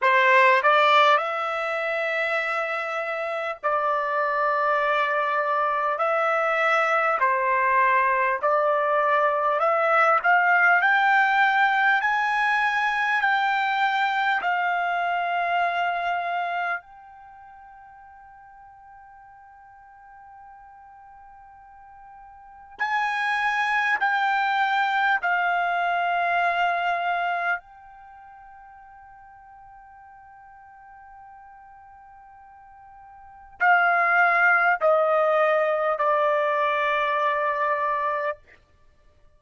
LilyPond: \new Staff \with { instrumentName = "trumpet" } { \time 4/4 \tempo 4 = 50 c''8 d''8 e''2 d''4~ | d''4 e''4 c''4 d''4 | e''8 f''8 g''4 gis''4 g''4 | f''2 g''2~ |
g''2. gis''4 | g''4 f''2 g''4~ | g''1 | f''4 dis''4 d''2 | }